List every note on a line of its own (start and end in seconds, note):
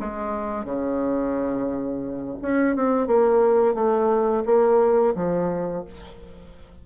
0.00 0.65 G#3
0.65 2.37 C#3
2.42 2.76 C#4
2.76 3.07 C4
3.07 3.75 A#3
3.75 4.44 A3
4.45 5.14 A#3
5.15 5.84 F3